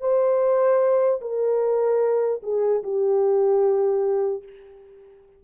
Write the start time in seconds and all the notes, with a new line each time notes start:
0.00 C5
1.21 A#4
2.43 G#4
2.83 G4